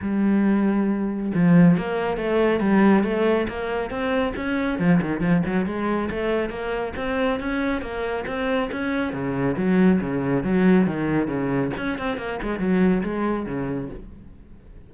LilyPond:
\new Staff \with { instrumentName = "cello" } { \time 4/4 \tempo 4 = 138 g2. f4 | ais4 a4 g4 a4 | ais4 c'4 cis'4 f8 dis8 | f8 fis8 gis4 a4 ais4 |
c'4 cis'4 ais4 c'4 | cis'4 cis4 fis4 cis4 | fis4 dis4 cis4 cis'8 c'8 | ais8 gis8 fis4 gis4 cis4 | }